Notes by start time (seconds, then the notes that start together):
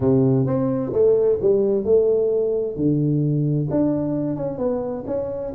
0.00 C3
0.46 C4
0.92 A3
1.41 G3
1.84 A3
2.75 D3
3.70 D4
4.36 C#4
4.58 B3
5.06 C#4